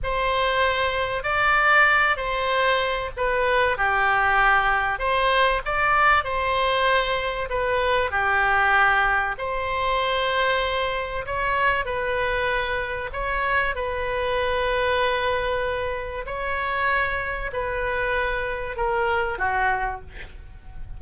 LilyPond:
\new Staff \with { instrumentName = "oboe" } { \time 4/4 \tempo 4 = 96 c''2 d''4. c''8~ | c''4 b'4 g'2 | c''4 d''4 c''2 | b'4 g'2 c''4~ |
c''2 cis''4 b'4~ | b'4 cis''4 b'2~ | b'2 cis''2 | b'2 ais'4 fis'4 | }